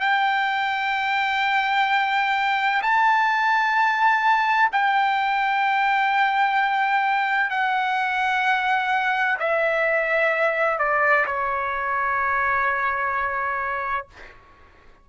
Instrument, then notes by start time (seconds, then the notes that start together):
trumpet
0.00 G5
2.82 A5
4.72 G5
7.50 F#5
9.39 E5
10.79 D5
11.26 C#5